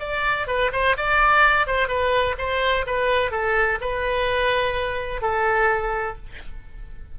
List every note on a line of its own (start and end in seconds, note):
0.00 0.48 D5
0.48 0.72 B4
0.73 0.97 C5
0.97 1.67 D5
1.67 1.88 C5
1.88 2.36 B4
2.39 2.86 C5
2.87 3.32 B4
3.32 3.79 A4
3.81 5.22 B4
5.22 6.17 A4